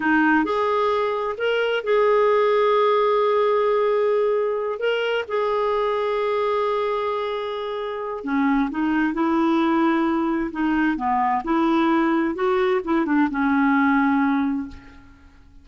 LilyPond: \new Staff \with { instrumentName = "clarinet" } { \time 4/4 \tempo 4 = 131 dis'4 gis'2 ais'4 | gis'1~ | gis'2~ gis'8 ais'4 gis'8~ | gis'1~ |
gis'2 cis'4 dis'4 | e'2. dis'4 | b4 e'2 fis'4 | e'8 d'8 cis'2. | }